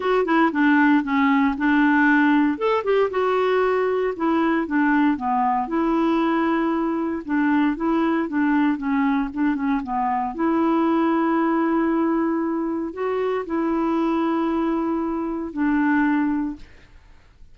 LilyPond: \new Staff \with { instrumentName = "clarinet" } { \time 4/4 \tempo 4 = 116 fis'8 e'8 d'4 cis'4 d'4~ | d'4 a'8 g'8 fis'2 | e'4 d'4 b4 e'4~ | e'2 d'4 e'4 |
d'4 cis'4 d'8 cis'8 b4 | e'1~ | e'4 fis'4 e'2~ | e'2 d'2 | }